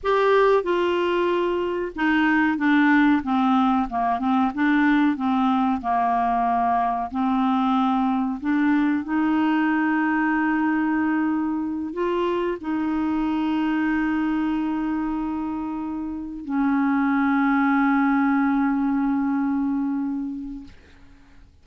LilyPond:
\new Staff \with { instrumentName = "clarinet" } { \time 4/4 \tempo 4 = 93 g'4 f'2 dis'4 | d'4 c'4 ais8 c'8 d'4 | c'4 ais2 c'4~ | c'4 d'4 dis'2~ |
dis'2~ dis'8 f'4 dis'8~ | dis'1~ | dis'4. cis'2~ cis'8~ | cis'1 | }